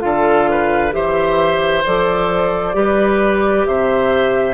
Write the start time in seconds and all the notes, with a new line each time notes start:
0.00 D3 F4 A4 F5
0.51 B4
0.92 E3 G4 C5 E5
1.86 F3 A4 D5
2.74 G3 G4 B4
3.67 C3 C5 E5